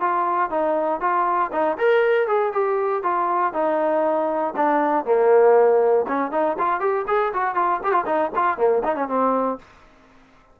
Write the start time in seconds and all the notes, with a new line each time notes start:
0.00 F4
0.50 D#4
1.00 F4
1.52 D#4
1.78 A#4
2.27 G#4
2.53 G4
3.03 F4
3.53 D#4
4.56 D4
5.05 A#3
6.08 C#4
6.31 D#4
6.59 F4
6.80 G4
7.07 G#4
7.33 F#4
7.55 F4
7.84 G4
7.92 F4
8.06 D#4
8.35 F4
8.58 A#3
8.84 D#4
8.95 C#4
9.08 C4